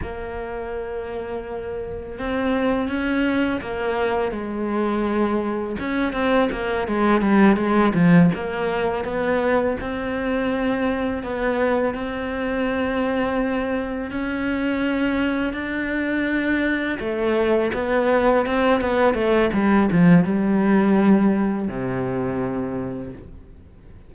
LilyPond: \new Staff \with { instrumentName = "cello" } { \time 4/4 \tempo 4 = 83 ais2. c'4 | cis'4 ais4 gis2 | cis'8 c'8 ais8 gis8 g8 gis8 f8 ais8~ | ais8 b4 c'2 b8~ |
b8 c'2. cis'8~ | cis'4. d'2 a8~ | a8 b4 c'8 b8 a8 g8 f8 | g2 c2 | }